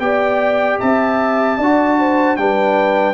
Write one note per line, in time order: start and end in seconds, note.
0.00 0.79 B3
0.00 1.59 G4
0.00 0.81 D5
0.00 0.79 G5
0.80 1.59 C4
0.80 1.58 E5
0.80 2.37 A5
1.58 2.38 D4
1.58 2.38 F#4
1.58 1.98 D5
1.99 2.39 C5
2.37 3.14 G3
2.37 3.14 D4
2.37 3.14 B4
2.37 3.14 G5